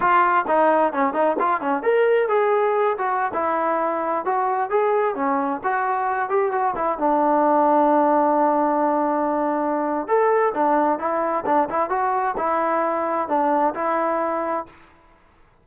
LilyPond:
\new Staff \with { instrumentName = "trombone" } { \time 4/4 \tempo 4 = 131 f'4 dis'4 cis'8 dis'8 f'8 cis'8 | ais'4 gis'4. fis'8. e'8.~ | e'4~ e'16 fis'4 gis'4 cis'8.~ | cis'16 fis'4. g'8 fis'8 e'8 d'8.~ |
d'1~ | d'2 a'4 d'4 | e'4 d'8 e'8 fis'4 e'4~ | e'4 d'4 e'2 | }